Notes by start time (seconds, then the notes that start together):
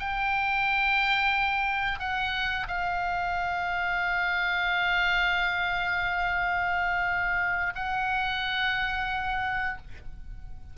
0.00 G5
2.00 F#5
2.68 F5
7.76 F#5